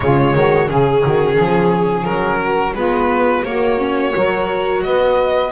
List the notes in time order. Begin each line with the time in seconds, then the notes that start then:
0.00 C#3 G#3 F4 C#5
0.35 D#3 F#4
0.68 C#3 C#4 G#4
1.02 D#3 F#4
1.34 F3 G#4
2.04 F#3 A#4
2.42 F#4
2.74 G#3 B3 F4 B4
3.44 A#3 F#4 C#5
3.78 C#4
4.11 F#3 F#4 A#4
4.83 B3 B4 D#5